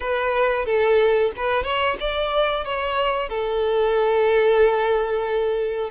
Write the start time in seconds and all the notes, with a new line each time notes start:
0.00 B4
0.65 A4
1.36 B4
1.63 C#5
2.00 D5
2.65 C#5
3.29 A4